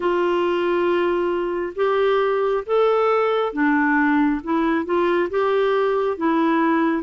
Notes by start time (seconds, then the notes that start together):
0.00 F4
1.75 G4
2.66 A4
3.53 D4
4.44 E4
4.85 F4
5.29 G4
6.17 E4